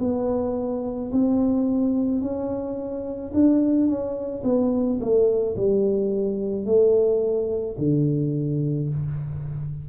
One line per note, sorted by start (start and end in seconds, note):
0.00 1.11 B3
1.12 2.22 C4
2.22 3.33 C#4
3.34 3.87 D4
3.87 4.43 C#4
4.44 4.99 B3
5.01 5.56 A3
5.57 6.66 G3
6.66 7.77 A3
7.78 8.89 D3